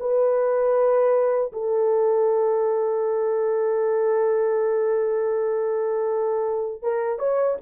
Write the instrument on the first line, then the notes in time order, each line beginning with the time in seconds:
horn
0.00 B4
1.52 A4
6.83 A#4
7.19 C#5